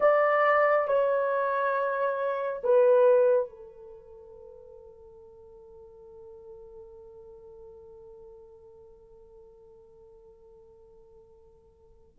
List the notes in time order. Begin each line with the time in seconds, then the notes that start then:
0.00 D5
0.87 C#5
2.63 B4
3.49 A4